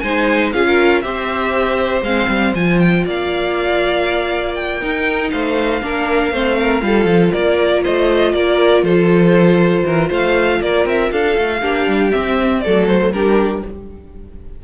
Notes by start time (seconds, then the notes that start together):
0.00 G#3 D#4 C5 G#5
0.53 C#4 F4 G#4 F5
0.66 A#4
1.02 C4 G4 C5 E5
2.02 G#3 C4 F5
2.28 G3
2.55 F3 F4 G#5
2.79 G5
3.06 A#3 D5 F5
4.55 G5
4.81 D#4 A#4
5.31 A3 C5 F5
5.82 A#3 D4 A#4
6.32 A3 C4 C5
6.59 A#4
6.82 G3 F4 A4
7.05 F3
7.33 A#3 A#4 D5
7.83 A3 C5 D#5
8.33 A#3 A#4 D5
8.83 F3 A4 C5
9.85 E3 A#4
10.09 A3 C5 F5
10.61 A#3 A#4 D5
10.86 C4 E5
11.12 D4 A4 F5
11.38 A3
11.62 A#3 D4 G4
11.88 G3
12.11 C4 E5
12.61 F#3 A3 A4 D5
12.88 C5
13.12 G3 D4 G4 A#4